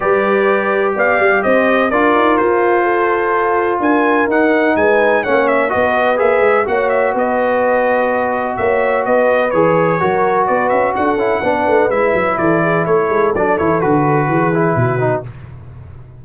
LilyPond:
<<
  \new Staff \with { instrumentName = "trumpet" } { \time 4/4 \tempo 4 = 126 d''2 f''4 dis''4 | d''4 c''2. | gis''4 fis''4 gis''4 fis''8 e''8 | dis''4 e''4 fis''8 e''8 dis''4~ |
dis''2 e''4 dis''4 | cis''2 d''8 e''8 fis''4~ | fis''4 e''4 d''4 cis''4 | d''8 cis''8 b'2. | }
  \new Staff \with { instrumentName = "horn" } { \time 4/4 b'2 d''4 c''4 | ais'2 a'2 | ais'2 b'4 cis''4 | b'2 cis''4 b'4~ |
b'2 cis''4 b'4~ | b'4 ais'4 b'4 a'4 | b'2 a'8 gis'8 a'4~ | a'2 gis'4 fis'4 | }
  \new Staff \with { instrumentName = "trombone" } { \time 4/4 g'1 | f'1~ | f'4 dis'2 cis'4 | fis'4 gis'4 fis'2~ |
fis'1 | gis'4 fis'2~ fis'8 e'8 | d'4 e'2. | d'8 e'8 fis'4. e'4 dis'8 | }
  \new Staff \with { instrumentName = "tuba" } { \time 4/4 g2 b8 g8 c'4 | d'8 dis'8 f'2. | d'4 dis'4 gis4 ais4 | b4 ais8 gis8 ais4 b4~ |
b2 ais4 b4 | e4 fis4 b8 cis'8 d'8 cis'8 | b8 a8 gis8 fis8 e4 a8 gis8 | fis8 e8 d4 e4 b,4 | }
>>